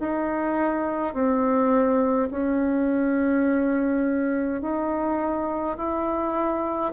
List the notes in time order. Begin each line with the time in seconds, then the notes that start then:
0.00 D#4
1.13 C4
2.31 C#4
4.62 D#4
5.77 E4